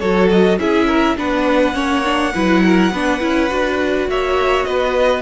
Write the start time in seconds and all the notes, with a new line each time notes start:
0.00 F#3 F#4 A4 C#5
0.30 D#5
0.59 C#4 E4 G#4 E5
0.88 A#4
1.17 B3 D4 B4 F#5
1.74 A#3 C#4 C#5
2.04 D4
2.34 F#3 E4 B4
2.66 A#4
2.92 B3 D4 B4
3.20 C#4 E4
3.50 D4 F#4
4.08 A#3 C#5 E5
4.65 B3 B4 D#5